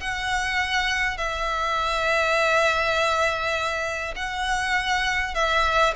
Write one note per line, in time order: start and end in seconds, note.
0.00 1.17 F#5
1.17 4.14 E5
4.16 5.34 F#5
5.34 5.94 E5